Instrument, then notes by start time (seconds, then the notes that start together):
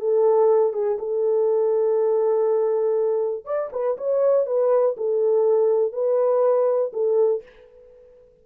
horn
0.00 A4
0.73 G#4
0.99 A4
3.45 D5
3.73 B4
3.98 C#5
4.47 B4
4.97 A4
5.93 B4
6.93 A4